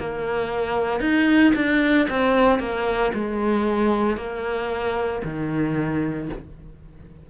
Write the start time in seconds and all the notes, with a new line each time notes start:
0.00 A#3
1.01 D#4
1.56 D4
2.10 C4
2.60 A#3
3.14 G#3
4.17 A#3
5.24 D#3